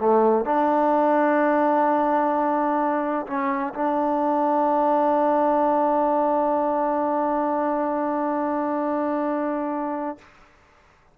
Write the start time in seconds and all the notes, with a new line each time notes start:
0.00 A3
0.45 D4
3.27 C#4
3.74 D4